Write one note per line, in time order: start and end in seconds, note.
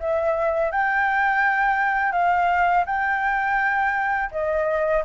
0.00 0.72 E5
0.72 2.13 G5
2.13 2.85 F5
2.86 4.30 G5
4.32 5.04 D#5